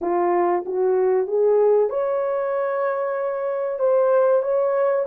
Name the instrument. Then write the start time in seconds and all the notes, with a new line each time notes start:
horn
0.01 F4
0.65 F#4
1.27 G#4
1.89 C#5
3.79 C5
4.42 C#5